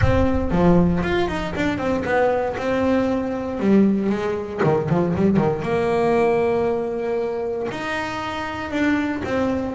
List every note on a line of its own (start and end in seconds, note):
0.01 0.51 C4
0.51 1.02 F3
1.03 1.28 F4
1.28 1.53 D#4
1.55 1.78 D4
1.78 2.03 C4
2.04 2.55 B3
2.57 3.59 C4
3.59 4.09 G3
4.09 4.61 G#3
4.63 4.89 D#3
4.89 5.14 F3
5.15 5.37 G3
5.37 5.62 D#3
5.62 7.67 A#3
7.71 8.70 D#4
8.70 9.22 D4
9.24 9.75 C4